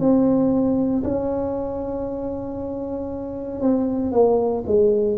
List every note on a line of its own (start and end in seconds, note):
0.00 1.03 C4
1.04 3.61 C#4
3.61 4.12 C4
4.12 4.64 A#3
4.67 5.19 G#3